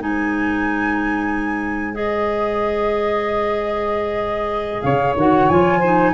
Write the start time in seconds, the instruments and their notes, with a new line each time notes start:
0.00 tuba G#3, clarinet D#4, saxophone C5, flute G#5
1.93 clarinet G#4, flute D#5
4.82 tuba C#3, saxophone C#5, flute F5
5.16 tuba D#3, clarinet F#4, flute F#5
5.49 tuba F3, clarinet F4, flute G#5
5.78 clarinet D#4, saxophone C5